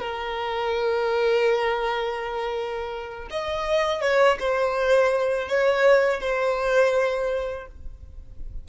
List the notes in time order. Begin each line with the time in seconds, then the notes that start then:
0.00 A#4
3.31 D#5
4.02 C#5
4.40 C5
5.49 C#5
6.21 C5